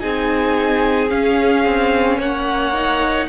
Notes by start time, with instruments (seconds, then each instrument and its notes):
0.00 cello C4, viola D#4, violin G#4 G#5
1.10 viola C#4, cello C#4, violin F5
1.65 cello C4
2.18 cello A#3, violin C#5 F#5
2.74 viola D#4